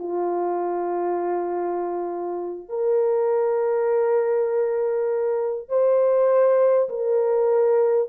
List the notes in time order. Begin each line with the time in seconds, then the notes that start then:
0.00 F4
2.69 A#4
5.69 C5
6.89 A#4